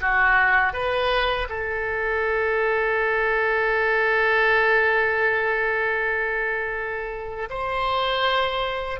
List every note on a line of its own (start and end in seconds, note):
0.00 0.73 F#4
0.73 1.48 B4
1.49 7.49 A4
7.49 8.99 C5